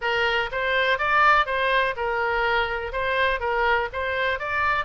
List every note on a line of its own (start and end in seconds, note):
0.01 0.49 A#4
0.51 0.98 C5
0.98 1.46 D5
1.46 1.94 C5
1.96 2.92 A#4
2.92 3.39 C5
3.39 3.88 A#4
3.93 4.39 C5
4.39 4.85 D5